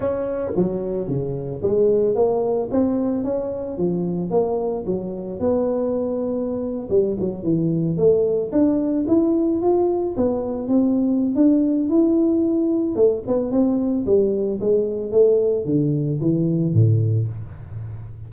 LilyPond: \new Staff \with { instrumentName = "tuba" } { \time 4/4 \tempo 4 = 111 cis'4 fis4 cis4 gis4 | ais4 c'4 cis'4 f4 | ais4 fis4 b2~ | b8. g8 fis8 e4 a4 d'16~ |
d'8. e'4 f'4 b4 c'16~ | c'4 d'4 e'2 | a8 b8 c'4 g4 gis4 | a4 d4 e4 a,4 | }